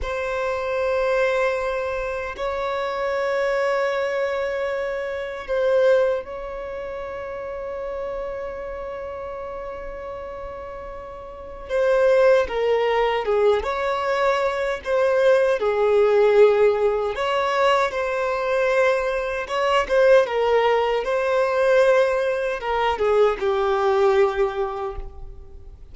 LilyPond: \new Staff \with { instrumentName = "violin" } { \time 4/4 \tempo 4 = 77 c''2. cis''4~ | cis''2. c''4 | cis''1~ | cis''2. c''4 |
ais'4 gis'8 cis''4. c''4 | gis'2 cis''4 c''4~ | c''4 cis''8 c''8 ais'4 c''4~ | c''4 ais'8 gis'8 g'2 | }